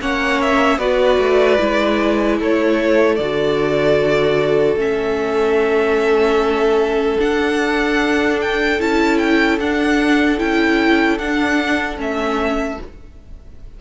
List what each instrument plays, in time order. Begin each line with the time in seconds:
0.00 cello A#3, viola C#4, violin C#5 F#5
0.41 violin E5
0.77 cello B3, viola F#4, violin B4 D5
1.18 cello A3
1.58 cello G#3, viola E4
2.39 cello A3, violin A4 C#5
3.15 cello D3, viola F#4, violin D5
4.76 cello A3, viola C#4, violin E5
7.18 viola D4, cello D4, violin F#5
8.41 violin G5
8.79 cello C#4, viola E4, violin A5
9.18 violin G5
9.58 cello D4, viola D4, violin F#5
10.38 cello C#4, viola E4, violin G5
11.18 cello D4, viola D4, violin F#5
11.97 cello A3, viola C#4, violin E5